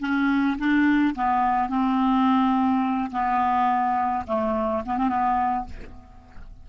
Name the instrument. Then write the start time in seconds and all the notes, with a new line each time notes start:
clarinet
0.00 C#4
0.58 D4
1.14 B3
1.69 C4
3.11 B3
4.26 A3
4.86 B3
4.97 C4
5.08 B3